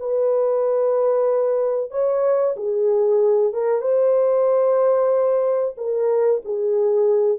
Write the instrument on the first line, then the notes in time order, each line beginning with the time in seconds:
horn
0.00 B4
1.91 C#5
2.57 G#4
3.54 A#4
3.82 C5
5.77 A#4
6.45 G#4